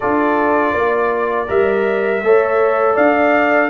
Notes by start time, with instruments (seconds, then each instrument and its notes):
0.00 tuba D4, trombone F4, horn A4, trumpet D5
0.71 tuba A#3, horn D5
1.47 tuba G3, trombone A#4, trumpet E5
2.22 tuba A3, trombone A4, horn C#5
2.94 tuba D4, horn D5, trumpet F5